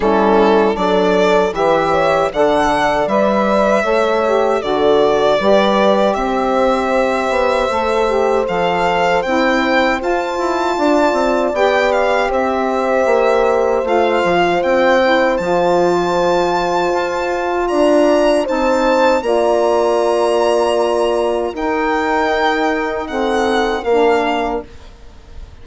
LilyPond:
<<
  \new Staff \with { instrumentName = "violin" } { \time 4/4 \tempo 4 = 78 a'4 d''4 e''4 fis''4 | e''2 d''2 | e''2. f''4 | g''4 a''2 g''8 f''8 |
e''2 f''4 g''4 | a''2. ais''4 | a''4 ais''2. | g''2 fis''4 f''4 | }
  \new Staff \with { instrumentName = "horn" } { \time 4/4 e'4 a'4 b'8 cis''8 d''4~ | d''4 cis''4 a'4 b'4 | c''1~ | c''2 d''2 |
c''1~ | c''2. d''4 | c''4 d''2. | ais'2 a'4 ais'4 | }
  \new Staff \with { instrumentName = "saxophone" } { \time 4/4 cis'4 d'4 g'4 a'4 | b'4 a'8 g'8 fis'4 g'4~ | g'2 a'8 g'8 a'4 | e'4 f'2 g'4~ |
g'2 f'4. e'8 | f'1 | dis'4 f'2. | dis'2 c'4 d'4 | }
  \new Staff \with { instrumentName = "bassoon" } { \time 4/4 g4 fis4 e4 d4 | g4 a4 d4 g4 | c'4. b8 a4 f4 | c'4 f'8 e'8 d'8 c'8 b4 |
c'4 ais4 a8 f8 c'4 | f2 f'4 d'4 | c'4 ais2. | dis'2. ais4 | }
>>